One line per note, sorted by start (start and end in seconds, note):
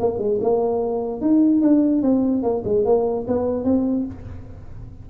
0.00 0.19 A#3
0.19 0.39 G#3
0.42 1.21 A#3
1.21 1.62 D#4
1.62 2.02 D4
2.02 2.43 C4
2.43 2.64 A#3
2.65 2.86 G#3
2.86 3.27 A#3
3.28 3.65 B3
3.65 4.06 C4